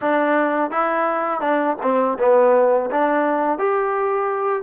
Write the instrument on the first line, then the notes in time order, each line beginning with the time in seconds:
trombone
0.01 D4
0.70 E4
1.40 D4
1.82 C4
2.18 B3
2.90 D4
3.58 G4